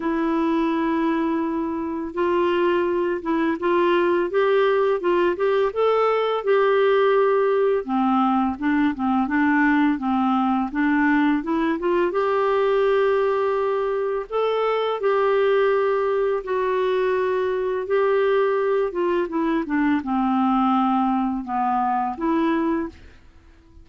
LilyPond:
\new Staff \with { instrumentName = "clarinet" } { \time 4/4 \tempo 4 = 84 e'2. f'4~ | f'8 e'8 f'4 g'4 f'8 g'8 | a'4 g'2 c'4 | d'8 c'8 d'4 c'4 d'4 |
e'8 f'8 g'2. | a'4 g'2 fis'4~ | fis'4 g'4. f'8 e'8 d'8 | c'2 b4 e'4 | }